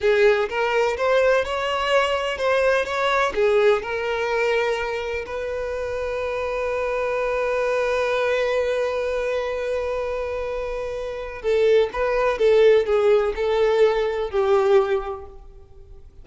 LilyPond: \new Staff \with { instrumentName = "violin" } { \time 4/4 \tempo 4 = 126 gis'4 ais'4 c''4 cis''4~ | cis''4 c''4 cis''4 gis'4 | ais'2. b'4~ | b'1~ |
b'1~ | b'1 | a'4 b'4 a'4 gis'4 | a'2 g'2 | }